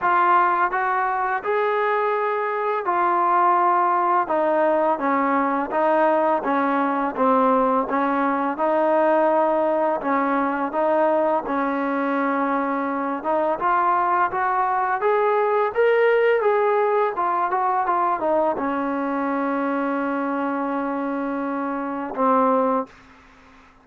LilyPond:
\new Staff \with { instrumentName = "trombone" } { \time 4/4 \tempo 4 = 84 f'4 fis'4 gis'2 | f'2 dis'4 cis'4 | dis'4 cis'4 c'4 cis'4 | dis'2 cis'4 dis'4 |
cis'2~ cis'8 dis'8 f'4 | fis'4 gis'4 ais'4 gis'4 | f'8 fis'8 f'8 dis'8 cis'2~ | cis'2. c'4 | }